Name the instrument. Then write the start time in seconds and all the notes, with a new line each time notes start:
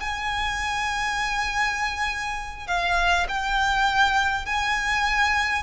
violin
0.00 G#5
2.67 F5
3.29 G5
4.46 G#5